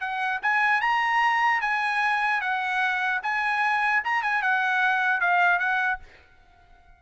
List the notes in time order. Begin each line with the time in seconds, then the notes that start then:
0.00 F#5
0.42 G#5
0.81 A#5
1.61 G#5
2.41 F#5
3.22 G#5
4.04 A#5
4.22 G#5
4.42 F#5
5.20 F5
5.59 F#5